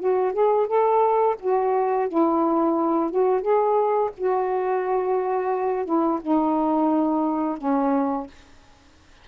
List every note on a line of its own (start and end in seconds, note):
0.00 0.33 F#4
0.33 0.67 G#4
0.67 1.36 A4
1.40 2.09 F#4
2.09 3.11 E4
3.11 3.41 F#4
3.41 4.10 G#4
4.17 5.85 F#4
5.85 6.20 E4
6.22 7.58 D#4
7.58 8.27 C#4